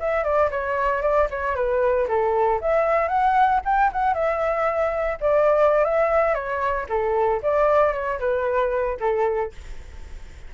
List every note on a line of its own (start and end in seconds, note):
0.00 0.24 E5
0.24 0.50 D5
0.51 1.02 C#5
1.02 1.28 D5
1.30 1.55 C#5
1.55 2.08 B4
2.08 2.60 A4
2.61 3.08 E5
3.08 3.60 F#5
3.65 3.91 G5
3.93 4.14 F#5
4.14 5.18 E5
5.21 5.85 D5
5.85 6.34 E5
6.34 6.86 C#5
6.89 7.41 A4
7.43 7.93 D5
7.93 8.19 C#5
8.19 8.98 B4
9.00 9.52 A4